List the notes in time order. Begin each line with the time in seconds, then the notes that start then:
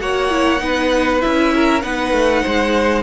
0.00 A#3 F#4 C#5 F#5
0.30 E4
0.59 B3 D#4 B4
1.20 C#4 E4 E5
1.55 A#4
1.82 B3 D#4 B4 F#5
2.12 A3
2.43 G#3 C5